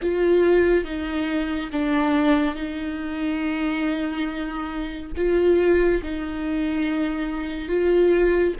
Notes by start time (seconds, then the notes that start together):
0.02 F4
0.84 D#4
1.71 D4
2.55 D#4
5.16 F4
6.02 D#4
7.68 F4